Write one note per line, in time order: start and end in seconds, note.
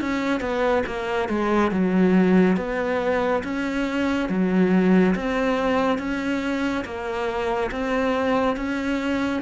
0.00 0.40 C#4
0.40 0.83 B3
0.86 1.29 A#3
1.29 1.71 G#3
1.71 2.57 F#3
2.57 3.42 B3
3.43 4.29 C#4
4.29 5.15 F#3
5.15 5.98 C4
5.98 6.84 C#4
6.85 7.70 A#3
7.71 8.56 C4
8.56 9.42 C#4